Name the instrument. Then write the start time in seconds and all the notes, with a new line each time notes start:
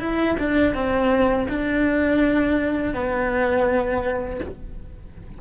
cello
0.00 E4
0.39 D4
0.74 C4
1.49 D4
2.94 B3